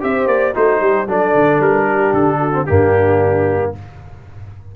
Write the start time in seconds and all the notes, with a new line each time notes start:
0.00 C4 G4 C5 E5
0.26 A#3 D5
0.54 A3 D#4 F#4 C5
0.80 G3 G4
1.07 F#3 D4 A4 D5
1.35 D3
1.60 G3 A#4
1.85 G4
2.13 D3 A4
2.39 F#4
2.52 C4
2.66 G2 A#3 D4 G4